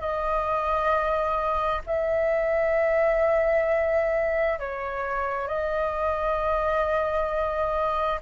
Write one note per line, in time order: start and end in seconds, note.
0.00 1.82 D#5
1.86 4.59 E5
4.59 5.48 C#5
5.48 8.20 D#5